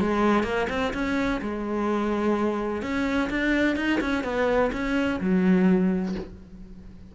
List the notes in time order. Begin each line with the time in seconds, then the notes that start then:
0.00 G#3
0.43 A#3
0.69 C4
0.93 C#4
1.41 G#3
2.82 C#4
3.29 D4
3.76 D#4
4.00 C#4
4.24 B3
4.72 C#4
5.20 F#3